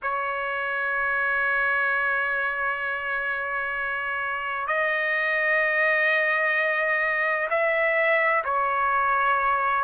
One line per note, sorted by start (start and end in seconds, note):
0.02 4.67 C#5
4.67 7.48 D#5
7.50 8.43 E5
8.44 9.84 C#5